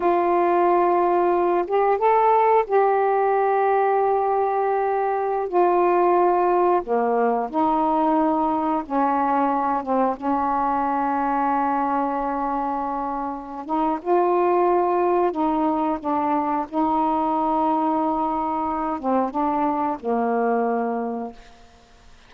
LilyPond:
\new Staff \with { instrumentName = "saxophone" } { \time 4/4 \tempo 4 = 90 f'2~ f'8 g'8 a'4 | g'1~ | g'16 f'2 ais4 dis'8.~ | dis'4~ dis'16 cis'4. c'8 cis'8.~ |
cis'1~ | cis'8 dis'8 f'2 dis'4 | d'4 dis'2.~ | dis'8 c'8 d'4 ais2 | }